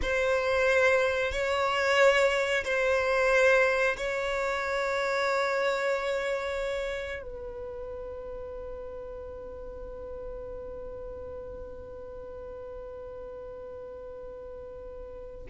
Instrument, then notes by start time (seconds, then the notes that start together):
violin
0.02 C5
1.32 C#5
2.64 C5
3.97 C#5
7.22 B4